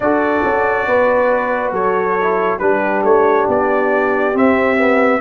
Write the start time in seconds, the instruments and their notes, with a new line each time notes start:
0.00 tuba D4, trombone F#4, horn A4, trumpet D5
0.43 tuba C#4
0.86 tuba B3, horn B4
1.72 tuba F#3, horn A4, trumpet C#5
2.21 trombone E4
2.59 tuba G3, trombone D4, horn G4, trumpet B4
3.03 tuba A3, trumpet C#5
3.48 tuba B3, trumpet D5
4.33 trombone C4, tuba C4, trumpet E5
4.76 trombone B3